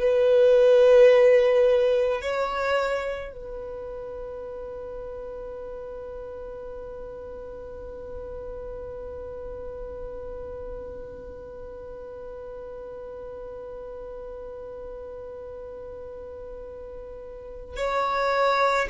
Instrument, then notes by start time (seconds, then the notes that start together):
violin
0.00 B4
2.22 C#5
3.33 B4
17.77 C#5